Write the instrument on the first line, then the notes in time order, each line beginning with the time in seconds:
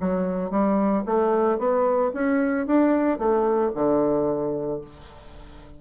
bassoon
0.00 F#3
0.50 G3
1.06 A3
1.58 B3
2.14 C#4
2.66 D4
3.18 A3
3.75 D3